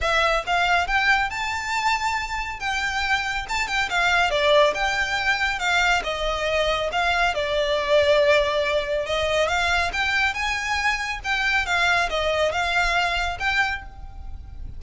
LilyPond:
\new Staff \with { instrumentName = "violin" } { \time 4/4 \tempo 4 = 139 e''4 f''4 g''4 a''4~ | a''2 g''2 | a''8 g''8 f''4 d''4 g''4~ | g''4 f''4 dis''2 |
f''4 d''2.~ | d''4 dis''4 f''4 g''4 | gis''2 g''4 f''4 | dis''4 f''2 g''4 | }